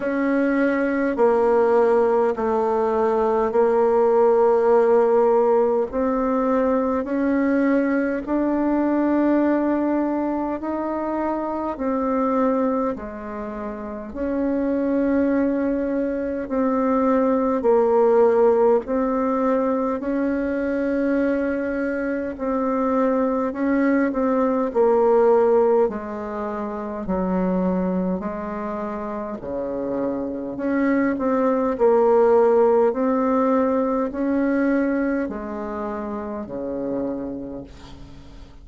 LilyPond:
\new Staff \with { instrumentName = "bassoon" } { \time 4/4 \tempo 4 = 51 cis'4 ais4 a4 ais4~ | ais4 c'4 cis'4 d'4~ | d'4 dis'4 c'4 gis4 | cis'2 c'4 ais4 |
c'4 cis'2 c'4 | cis'8 c'8 ais4 gis4 fis4 | gis4 cis4 cis'8 c'8 ais4 | c'4 cis'4 gis4 cis4 | }